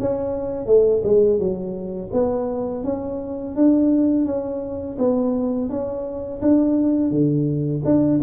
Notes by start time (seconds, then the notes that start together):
0.00 C#4
0.66 A3
1.04 G#3
1.39 F#3
2.13 B3
2.84 C#4
3.56 D4
4.26 C#4
4.99 B3
5.70 C#4
6.42 D4
7.11 D3
7.85 D4